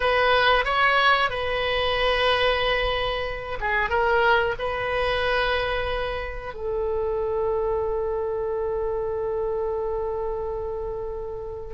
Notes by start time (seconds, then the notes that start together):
0.00 B4
0.64 C#5
1.30 B4
3.60 G#4
3.89 A#4
4.58 B4
6.54 A4